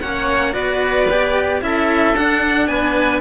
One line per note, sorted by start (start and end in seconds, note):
0.00 0.55 A#3
0.00 0.52 C#4
0.00 0.53 C#5
0.00 0.53 F#5
0.52 1.62 B3
0.52 1.06 F#4
0.52 1.60 B4
0.52 1.60 D5
1.10 1.61 G4
1.61 2.14 C#4
1.61 2.14 E4
1.61 2.69 A4
1.61 2.16 E5
2.14 2.67 D4
2.14 3.21 D4
2.14 2.67 F#5
2.67 3.21 B3
2.67 3.21 B4
2.67 3.20 G#5